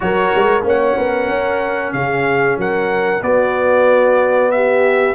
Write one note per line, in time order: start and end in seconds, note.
0.00 0.33 F#3
0.00 0.62 F#4
0.00 0.64 A#4
0.00 0.65 C#5
0.35 0.63 G#3
0.62 0.95 A#3
0.62 3.20 C#4
0.62 0.97 C#5
0.68 1.92 F#5
0.97 1.28 B3
0.97 1.94 A#4
1.28 1.93 C#4
1.92 2.57 C#3
1.92 2.58 G#4
1.92 2.57 F5
2.57 3.21 F#3
2.57 3.23 A#4
2.57 3.23 F#5
3.21 5.14 B3
3.21 4.52 F#4
3.21 4.51 D5
4.51 5.14 G4
4.51 5.14 E5